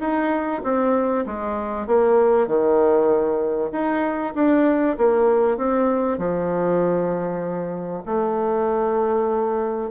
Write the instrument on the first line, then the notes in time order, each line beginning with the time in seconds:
bassoon
0.00 D#4
0.64 C4
1.26 G#3
1.87 A#3
2.47 D#3
3.72 D#4
4.35 D4
4.98 A#3
5.57 C4
6.18 F3
8.06 A3